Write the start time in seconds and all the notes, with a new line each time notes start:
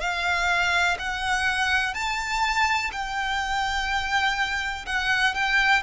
0.00 F5
0.98 F#5
1.94 A5
2.92 G5
4.85 F#5
5.34 G5